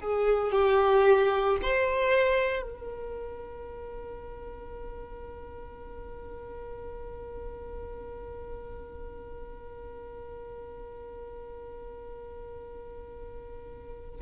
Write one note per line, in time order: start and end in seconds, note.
0.00 0.52 G#4
0.52 1.57 G4
1.62 2.62 C5
2.62 14.20 A#4